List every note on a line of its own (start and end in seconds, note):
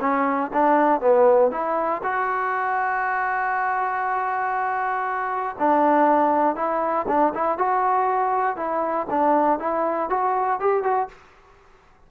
0.00 0.50 C#4
0.53 1.00 D4
1.00 1.51 B3
1.51 2.01 E4
2.03 5.56 F#4
5.59 6.55 D4
6.55 7.06 E4
7.08 7.33 D4
7.34 7.58 E4
7.58 8.56 F#4
8.56 9.06 E4
9.10 9.59 D4
9.59 10.09 E4
10.09 10.60 F#4
10.60 10.83 G4
10.83 11.08 F#4